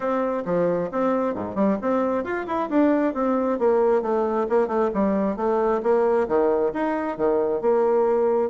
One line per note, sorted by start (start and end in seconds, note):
0.00 0.43 C4
0.45 0.90 F3
0.91 1.34 C4
1.34 1.55 G#2
1.55 1.77 G3
1.81 2.23 C4
2.23 2.46 F4
2.46 2.69 E4
2.69 3.13 D4
3.13 3.58 C4
3.58 4.02 A#3
4.02 4.46 A3
4.49 4.67 A#3
4.67 4.90 A3
4.94 5.36 G3
5.36 5.81 A3
5.82 6.27 A#3
6.28 6.72 D#3
6.73 7.17 D#4
7.17 7.61 D#3
7.61 8.50 A#3